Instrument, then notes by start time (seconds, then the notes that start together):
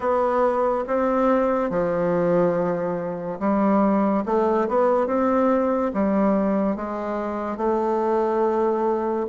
bassoon
0.00 B3
0.87 C4
1.70 F3
3.39 G3
4.25 A3
4.68 B3
5.07 C4
5.93 G3
6.76 G#3
7.57 A3